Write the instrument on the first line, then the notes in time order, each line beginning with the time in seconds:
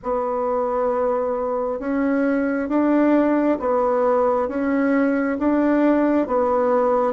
bassoon
0.02 B3
1.79 C#4
2.68 D4
3.59 B3
4.48 C#4
5.38 D4
6.27 B3